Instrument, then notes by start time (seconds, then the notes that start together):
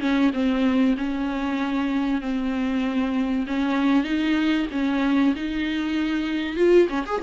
viola
0.00 C#4
0.33 C4
0.97 C#4
2.21 C4
3.47 C#4
4.04 D#4
4.72 C#4
5.36 D#4
6.57 F4
6.89 C#4
7.06 G#4